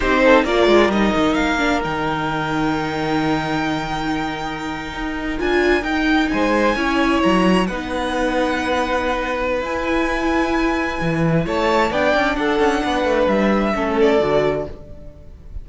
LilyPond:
<<
  \new Staff \with { instrumentName = "violin" } { \time 4/4 \tempo 4 = 131 c''4 d''4 dis''4 f''4 | g''1~ | g''2.~ g''8. gis''16~ | gis''8. g''4 gis''2 ais''16~ |
ais''8. fis''2.~ fis''16~ | fis''4 gis''2.~ | gis''4 a''4 g''4 fis''4~ | fis''4 e''4. d''4. | }
  \new Staff \with { instrumentName = "violin" } { \time 4/4 g'8 a'8 ais'2.~ | ais'1~ | ais'1~ | ais'4.~ ais'16 c''4 cis''4~ cis''16~ |
cis''8. b'2.~ b'16~ | b'1~ | b'4 cis''4 d''4 a'4 | b'2 a'2 | }
  \new Staff \with { instrumentName = "viola" } { \time 4/4 dis'4 f'4 dis'4. d'8 | dis'1~ | dis'2.~ dis'8. f'16~ | f'8. dis'2 e'4~ e'16~ |
e'8. dis'2.~ dis'16~ | dis'4 e'2.~ | e'2 d'2~ | d'2 cis'4 fis'4 | }
  \new Staff \with { instrumentName = "cello" } { \time 4/4 c'4 ais8 gis8 g8 dis8 ais4 | dis1~ | dis2~ dis8. dis'4 d'16~ | d'8. dis'4 gis4 cis'4 fis16~ |
fis8. b2.~ b16~ | b4 e'2. | e4 a4 b8 cis'8 d'8 cis'8 | b8 a8 g4 a4 d4 | }
>>